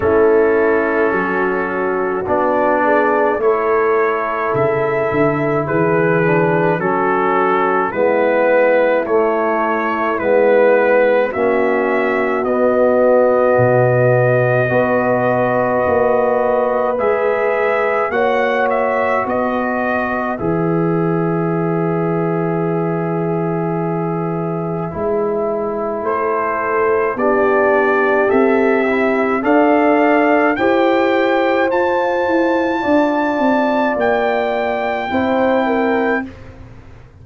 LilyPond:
<<
  \new Staff \with { instrumentName = "trumpet" } { \time 4/4 \tempo 4 = 53 a'2 d''4 cis''4 | e''4 b'4 a'4 b'4 | cis''4 b'4 e''4 dis''4~ | dis''2. e''4 |
fis''8 e''8 dis''4 e''2~ | e''2. c''4 | d''4 e''4 f''4 g''4 | a''2 g''2 | }
  \new Staff \with { instrumentName = "horn" } { \time 4/4 e'4 fis'4. gis'8 a'4~ | a'4 gis'4 fis'4 e'4~ | e'2 fis'2~ | fis'4 b'2. |
cis''4 b'2.~ | b'2. a'4 | g'2 d''4 c''4~ | c''4 d''2 c''8 ais'8 | }
  \new Staff \with { instrumentName = "trombone" } { \time 4/4 cis'2 d'4 e'4~ | e'4. d'8 cis'4 b4 | a4 b4 cis'4 b4~ | b4 fis'2 gis'4 |
fis'2 gis'2~ | gis'2 e'2 | d'4 a'8 e'8 a'4 g'4 | f'2. e'4 | }
  \new Staff \with { instrumentName = "tuba" } { \time 4/4 a4 fis4 b4 a4 | cis8 d8 e4 fis4 gis4 | a4 gis4 ais4 b4 | b,4 b4 ais4 gis4 |
ais4 b4 e2~ | e2 gis4 a4 | b4 c'4 d'4 e'4 | f'8 e'8 d'8 c'8 ais4 c'4 | }
>>